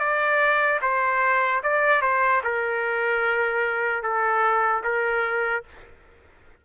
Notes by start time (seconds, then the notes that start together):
0.00 D5
0.82 C5
1.64 D5
2.02 C5
2.44 A#4
4.03 A4
4.84 A#4